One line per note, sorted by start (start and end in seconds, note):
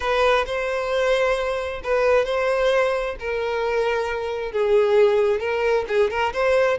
0.00 0.45 B4
0.46 1.81 C5
1.83 2.25 B4
2.25 3.15 C5
3.19 4.52 A#4
4.52 5.40 G#4
5.40 5.85 A#4
5.87 6.10 G#4
6.10 6.32 A#4
6.33 6.78 C5